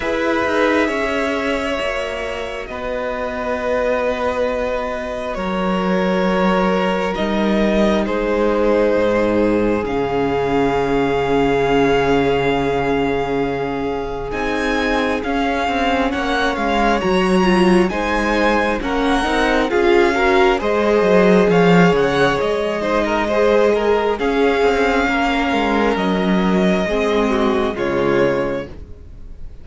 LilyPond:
<<
  \new Staff \with { instrumentName = "violin" } { \time 4/4 \tempo 4 = 67 e''2. dis''4~ | dis''2 cis''2 | dis''4 c''2 f''4~ | f''1 |
gis''4 f''4 fis''8 f''8 ais''4 | gis''4 fis''4 f''4 dis''4 | f''8 fis''8 dis''2 f''4~ | f''4 dis''2 cis''4 | }
  \new Staff \with { instrumentName = "violin" } { \time 4/4 b'4 cis''2 b'4~ | b'2 ais'2~ | ais'4 gis'2.~ | gis'1~ |
gis'2 cis''2 | c''4 ais'4 gis'8 ais'8 c''4 | cis''4. c''16 ais'16 c''8 ais'8 gis'4 | ais'2 gis'8 fis'8 f'4 | }
  \new Staff \with { instrumentName = "viola" } { \time 4/4 gis'2 fis'2~ | fis'1 | dis'2. cis'4~ | cis'1 |
dis'4 cis'2 fis'8 f'8 | dis'4 cis'8 dis'8 f'8 fis'8 gis'4~ | gis'4. dis'8 gis'4 cis'4~ | cis'2 c'4 gis4 | }
  \new Staff \with { instrumentName = "cello" } { \time 4/4 e'8 dis'8 cis'4 ais4 b4~ | b2 fis2 | g4 gis4 gis,4 cis4~ | cis1 |
c'4 cis'8 c'8 ais8 gis8 fis4 | gis4 ais8 c'8 cis'4 gis8 fis8 | f8 cis8 gis2 cis'8 c'8 | ais8 gis8 fis4 gis4 cis4 | }
>>